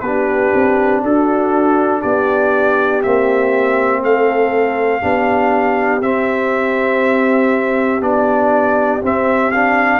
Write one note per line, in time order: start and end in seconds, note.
0.00 0.51 B3
0.00 3.03 D4
0.00 1.03 G4
0.00 1.00 B4
0.54 1.02 C4
1.02 2.02 D4
1.02 2.00 F#4
1.02 2.02 A4
2.00 3.04 B3
2.00 4.00 G4
2.00 3.02 D5
3.02 4.03 A#3
3.02 5.01 C4
3.02 4.02 E5
4.02 5.03 A3
4.02 5.01 A4
4.02 6.02 F5
5.01 6.01 B3
5.01 6.01 D4
5.01 9.99 G4
6.01 8.01 C4
6.01 8.02 E5
8.01 9.01 B3
8.01 9.01 D4
8.01 9.02 D5
9.01 9.51 C4
9.01 9.99 C4
9.01 9.51 E5
9.51 9.99 D4
9.51 9.99 F5